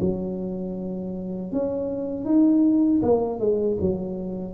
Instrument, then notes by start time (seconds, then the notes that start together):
tuba
0.00 F#3
1.52 C#4
2.24 D#4
3.02 A#3
3.39 G#3
3.80 F#3